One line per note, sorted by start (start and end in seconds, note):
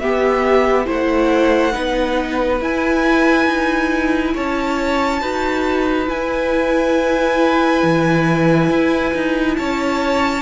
0.00 0.88 B3
0.00 0.86 B3
0.00 0.87 G4
0.00 0.87 E5
0.86 1.76 A3
0.86 1.72 E4
0.86 1.73 C5
0.86 2.63 F#5
1.72 2.61 B3
1.72 2.59 D#4
1.72 4.34 B4
2.61 5.21 E4
2.61 3.47 E4
2.61 4.36 G#5
3.47 4.34 D#4
4.35 5.22 C#4
4.35 5.22 C#5
4.35 6.09 A5
5.21 6.09 D#4
5.21 6.08 F#4
5.21 9.57 B4
6.08 10.43 E4
6.08 7.83 E4
6.08 9.57 G#5
7.83 8.70 E3
8.70 9.14 E4
9.14 9.58 D#4
9.57 10.43 C#4
9.57 10.43 C#5
9.57 10.43 A5